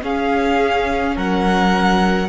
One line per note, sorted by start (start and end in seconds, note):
0.00 2.26 C#4
0.00 1.16 C#4
0.00 1.16 G#4
0.00 1.17 F5
1.16 2.28 F#3
1.16 2.28 A#4
1.16 2.28 F#5